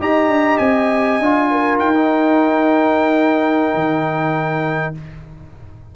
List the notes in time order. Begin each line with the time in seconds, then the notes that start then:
0.00 D#4 G4 D#5 A#5
0.28 D4
0.58 C4 G#5
1.20 D4 F4
1.51 A#4
1.80 D#4 G5
1.95 D#4
3.75 D#3